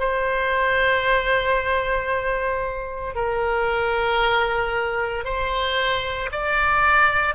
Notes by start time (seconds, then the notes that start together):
0.00 C5
3.15 A#4
5.25 C5
6.32 D5